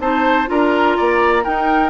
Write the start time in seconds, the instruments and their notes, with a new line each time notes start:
0.00 bassoon C4, clarinet D#4, oboe C5, flute A5
0.47 bassoon D4, clarinet F4, oboe A#4, flute A#5
0.98 bassoon A#3, oboe D5
1.44 clarinet D#4, bassoon D#4, oboe A#4, flute G5